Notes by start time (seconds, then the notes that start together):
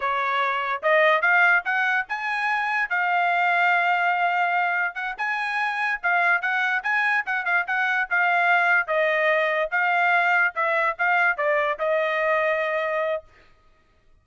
0.00 C#5
0.82 D#5
1.21 F5
1.65 F#5
2.08 G#5
2.89 F5
4.94 F#5
5.17 G#5
6.03 F5
6.41 F#5
6.83 G#5
7.26 F#5
7.45 F5
7.67 F#5
8.10 F5
8.87 D#5
9.71 F5
10.55 E5
10.98 F5
11.37 D5
11.79 D#5